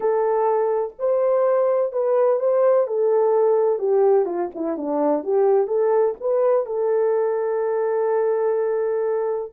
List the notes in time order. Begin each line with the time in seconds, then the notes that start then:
0.00 A4
0.98 C5
1.92 B4
2.39 C5
2.87 A4
3.79 G4
4.25 F4
4.55 E4
4.77 D4
5.23 G4
5.67 A4
6.20 B4
6.66 A4